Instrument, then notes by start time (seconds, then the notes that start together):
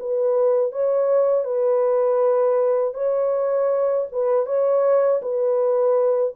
horn
0.00 B4
0.72 C#5
1.45 B4
2.94 C#5
4.12 B4
4.46 C#5
5.22 B4